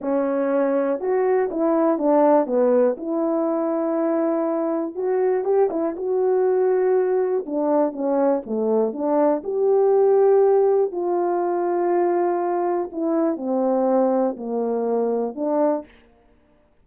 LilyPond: \new Staff \with { instrumentName = "horn" } { \time 4/4 \tempo 4 = 121 cis'2 fis'4 e'4 | d'4 b4 e'2~ | e'2 fis'4 g'8 e'8 | fis'2. d'4 |
cis'4 a4 d'4 g'4~ | g'2 f'2~ | f'2 e'4 c'4~ | c'4 ais2 d'4 | }